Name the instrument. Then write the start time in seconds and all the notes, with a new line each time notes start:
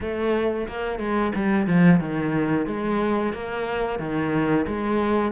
cello
0.00 A3
0.68 A#3
0.98 G#3
1.35 G3
1.66 F3
2.00 D#3
2.66 G#3
3.33 A#3
3.99 D#3
4.67 G#3